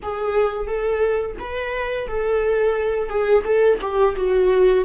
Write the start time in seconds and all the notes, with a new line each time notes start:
0.02 G#4
0.67 A4
1.39 B4
2.07 A4
3.09 G#4
3.44 A4
3.81 G4
4.15 F#4